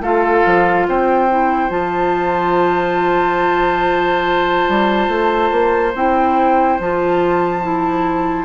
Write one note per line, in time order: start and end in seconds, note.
0.00 0.42 A3
0.00 1.29 F4
0.00 0.87 A4
0.00 0.87 F5
0.46 0.88 F3
0.88 1.70 C4
0.88 8.45 C5
0.88 1.70 G5
1.29 1.69 E4
1.69 4.65 F3
1.69 5.92 F4
1.69 5.93 A5
4.68 5.08 G3
5.08 5.50 A3
5.51 5.93 A#3
5.94 6.79 C4
5.94 6.80 E4
5.94 6.80 G5
6.80 8.45 F3
6.80 7.62 F4
6.80 8.45 A5
7.62 8.45 E4